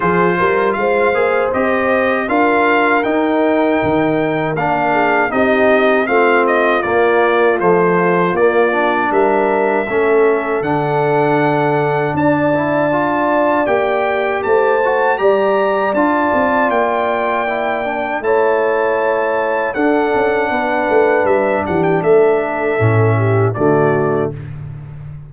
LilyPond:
<<
  \new Staff \with { instrumentName = "trumpet" } { \time 4/4 \tempo 4 = 79 c''4 f''4 dis''4 f''4 | g''2 f''4 dis''4 | f''8 dis''8 d''4 c''4 d''4 | e''2 fis''2 |
a''2 g''4 a''4 | ais''4 a''4 g''2 | a''2 fis''2 | e''8 fis''16 g''16 e''2 d''4 | }
  \new Staff \with { instrumentName = "horn" } { \time 4/4 gis'8 ais'8 c''2 ais'4~ | ais'2~ ais'8 gis'8 g'4 | f'1 | ais'4 a'2. |
d''2. c''4 | d''1 | cis''2 a'4 b'4~ | b'8 g'8 a'4. g'8 fis'4 | }
  \new Staff \with { instrumentName = "trombone" } { \time 4/4 f'4. gis'8 g'4 f'4 | dis'2 d'4 dis'4 | c'4 ais4 f4 ais8 d'8~ | d'4 cis'4 d'2~ |
d'8 e'8 f'4 g'4. fis'8 | g'4 f'2 e'8 d'8 | e'2 d'2~ | d'2 cis'4 a4 | }
  \new Staff \with { instrumentName = "tuba" } { \time 4/4 f8 g8 gis8 ais8 c'4 d'4 | dis'4 dis4 ais4 c'4 | a4 ais4 a4 ais4 | g4 a4 d2 |
d'2 ais4 a4 | g4 d'8 c'8 ais2 | a2 d'8 cis'8 b8 a8 | g8 e8 a4 a,4 d4 | }
>>